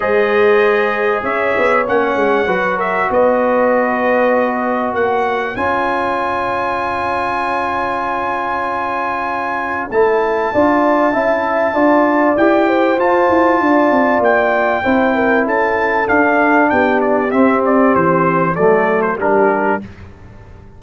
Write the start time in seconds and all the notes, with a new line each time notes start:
0.00 G#3 G#4 C5 D#5
1.23 C#4 C#5 E5
1.57 B3
1.87 A#3 C#4 F#5
2.15 G#3
2.46 F#3 F#4 B4
2.77 A#4 E5
3.10 B3 B4 D#5
4.93 A#3 C#5 F#5
5.56 C#4 F4 G#5
9.90 A3 E4 A5
10.53 D4 F4 D5
11.12 C#4 E4 E5
11.73 D4 F4 D5
12.36 E4 G4 G5
12.67 C5
12.97 F4 A5
13.29 E4
13.60 D4 D5
13.91 C4
14.19 A#3 G5
14.83 C4 E4 C5
15.14 A#4
15.45 C#4 A4 A5
16.06 D4 F5
16.69 B3 G4 G5
17.01 D5
17.30 C4 E5
17.65 D5
17.95 E3 C5
18.54 F#3 A3 A4 D5
19.01 C5
19.16 G3 D4 G4 A#4